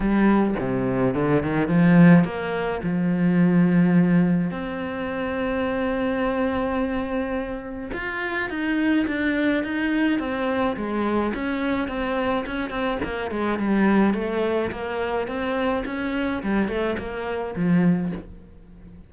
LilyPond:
\new Staff \with { instrumentName = "cello" } { \time 4/4 \tempo 4 = 106 g4 c4 d8 dis8 f4 | ais4 f2. | c'1~ | c'2 f'4 dis'4 |
d'4 dis'4 c'4 gis4 | cis'4 c'4 cis'8 c'8 ais8 gis8 | g4 a4 ais4 c'4 | cis'4 g8 a8 ais4 f4 | }